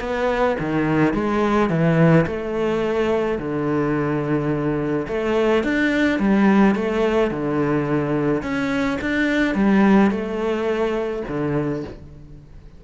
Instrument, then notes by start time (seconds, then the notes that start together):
cello
0.00 B3
0.59 D#3
1.13 G#3
1.69 E3
2.26 A3
3.38 D3
5.08 A3
5.64 D4
6.19 G3
6.75 A3
7.30 D3
8.42 C#4
9.01 D4
9.55 G3
10.11 A3
11.28 D3